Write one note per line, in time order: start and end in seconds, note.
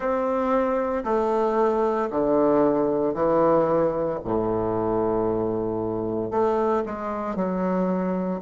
0.00 1.03 C4
1.04 2.09 A3
2.10 3.13 D3
3.13 4.19 E3
4.24 6.30 A2
6.30 6.83 A3
6.85 7.35 G#3
7.35 8.40 F#3